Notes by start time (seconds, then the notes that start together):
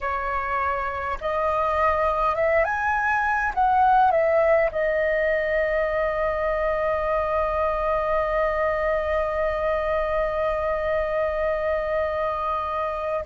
0.01 C#5
1.20 D#5
2.35 E5
2.64 G#5
3.54 F#5
4.11 E5
4.71 D#5